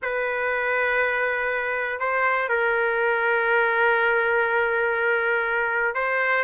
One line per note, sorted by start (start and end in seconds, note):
0.02 1.99 B4
1.99 2.48 C5
2.48 5.94 A#4
5.94 6.44 C5